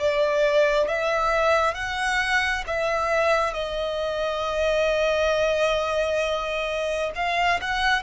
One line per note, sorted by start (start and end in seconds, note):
0.00 0.88 D5
0.88 1.75 E5
1.75 2.64 F#5
2.67 3.54 E5
3.54 7.12 D#5
7.16 7.60 F5
7.61 8.03 F#5